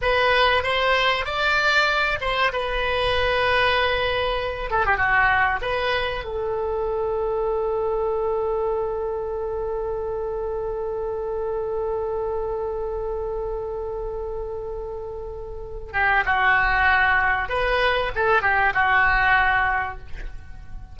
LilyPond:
\new Staff \with { instrumentName = "oboe" } { \time 4/4 \tempo 4 = 96 b'4 c''4 d''4. c''8 | b'2.~ b'8 a'16 g'16 | fis'4 b'4 a'2~ | a'1~ |
a'1~ | a'1~ | a'4. g'8 fis'2 | b'4 a'8 g'8 fis'2 | }